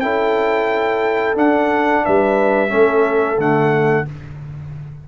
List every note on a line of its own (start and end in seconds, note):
0.00 1.36 C#4
0.00 1.35 E4
0.00 2.04 A4
0.00 1.35 G5
1.35 2.69 D4
1.35 2.03 D4
1.35 2.05 F#5
2.05 2.73 G3
2.05 2.70 B4
2.05 3.40 E5
2.69 3.38 A3
2.69 3.36 C#4
2.69 4.05 A4
3.38 4.05 D3
3.38 4.06 A3
3.38 4.08 F#5